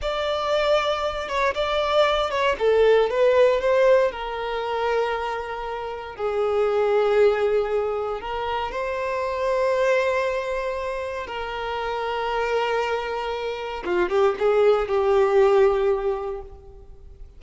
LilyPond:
\new Staff \with { instrumentName = "violin" } { \time 4/4 \tempo 4 = 117 d''2~ d''8 cis''8 d''4~ | d''8 cis''8 a'4 b'4 c''4 | ais'1 | gis'1 |
ais'4 c''2.~ | c''2 ais'2~ | ais'2. f'8 g'8 | gis'4 g'2. | }